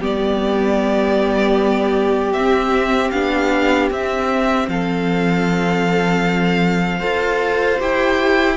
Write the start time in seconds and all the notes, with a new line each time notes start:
0.00 G3 B3 G4 D5
2.33 C4 E5
3.11 B3 D4 F5
3.90 C4 E5
4.68 F3 A4 F5
6.99 F4 A4 C5
7.80 E4 G4 G5